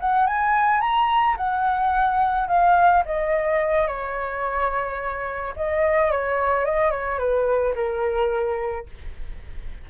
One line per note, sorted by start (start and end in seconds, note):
0.00 0.26 F#5
0.26 0.80 G#5
0.80 1.36 A#5
1.37 2.48 F#5
2.48 3.03 F5
3.05 3.87 D#5
3.87 5.54 C#5
5.56 6.11 D#5
6.11 6.65 C#5
6.65 6.90 D#5
6.90 7.18 C#5
7.18 7.74 B4
7.74 8.86 A#4